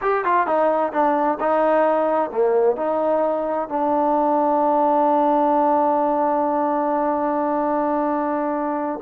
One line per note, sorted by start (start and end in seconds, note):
0.01 0.24 G4
0.25 0.46 F4
0.46 0.92 D#4
0.92 1.38 D4
1.40 2.31 D#4
2.31 2.76 A#3
2.76 3.68 D#4
3.68 8.99 D4